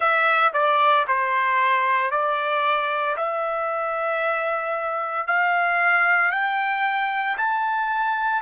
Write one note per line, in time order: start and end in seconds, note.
0.00 0.52 E5
0.53 1.05 D5
1.07 2.11 C5
2.11 3.16 D5
3.16 5.27 E5
5.27 6.32 F5
6.32 7.37 G5
7.37 8.42 A5